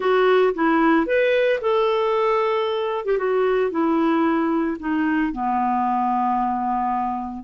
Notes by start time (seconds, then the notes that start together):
0.00 F#4
0.54 E4
1.06 B4
1.61 A4
3.05 G4
3.18 F#4
3.70 E4
4.79 D#4
5.32 B3